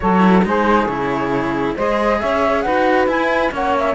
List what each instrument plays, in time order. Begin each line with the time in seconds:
0.00 cello F#3 F#4, saxophone A4, flute C#5
0.19 cello E4
0.44 cello G#3 D#4, saxophone G#4, flute C5
0.86 cello C#3 E4, flute C#5
1.75 cello G#3 G#4, saxophone C5, flute D#5
2.20 cello C#4, saxophone C#5, flute E5
2.61 cello D#4 F#4, saxophone B4, flute F#5
3.06 cello E4, flute G#5
3.51 cello A#3 C#4, saxophone C#5, flute F#5
3.78 flute E5